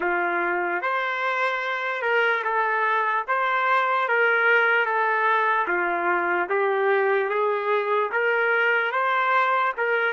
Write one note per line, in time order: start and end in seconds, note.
0.00 0.81 F4
0.81 2.02 C5
2.02 2.42 A#4
2.44 3.25 A4
3.27 4.08 C5
4.08 4.85 A#4
4.85 5.66 A4
5.67 6.48 F4
6.49 7.29 G4
7.29 8.10 G#4
8.12 8.92 A#4
8.92 9.73 C5
9.77 10.12 A#4